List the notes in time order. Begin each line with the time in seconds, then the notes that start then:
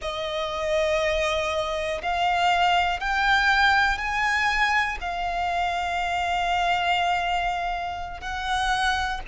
0.01 D#5
2.02 F5
3.00 G5
3.98 G#5
5.00 F5
8.20 F#5